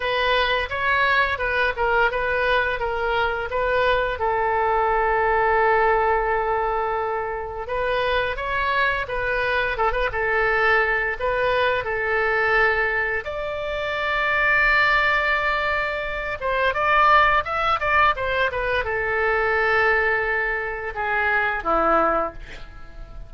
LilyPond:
\new Staff \with { instrumentName = "oboe" } { \time 4/4 \tempo 4 = 86 b'4 cis''4 b'8 ais'8 b'4 | ais'4 b'4 a'2~ | a'2. b'4 | cis''4 b'4 a'16 b'16 a'4. |
b'4 a'2 d''4~ | d''2.~ d''8 c''8 | d''4 e''8 d''8 c''8 b'8 a'4~ | a'2 gis'4 e'4 | }